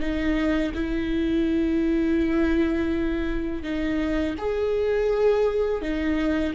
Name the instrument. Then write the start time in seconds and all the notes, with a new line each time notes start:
viola
0.00 D#4
0.74 E4
3.63 D#4
4.38 G#4
5.81 D#4